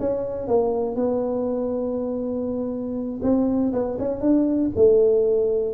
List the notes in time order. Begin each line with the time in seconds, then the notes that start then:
0.00 C#4
0.48 A#3
0.96 B3
3.23 C4
3.73 B3
3.99 C#4
4.21 D4
4.76 A3